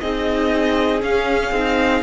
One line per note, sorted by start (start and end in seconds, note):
0.00 1.02 C4
0.00 1.01 D#4
0.00 2.03 G#4
0.00 1.02 D#5
1.01 1.52 C#4
1.01 1.51 C#4
1.01 2.03 F5
1.51 2.02 C4
1.51 2.03 D#4